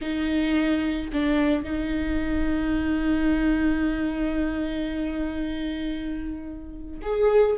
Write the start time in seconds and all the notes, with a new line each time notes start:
0.01 D#4
1.12 D4
1.63 D#4
7.02 G#4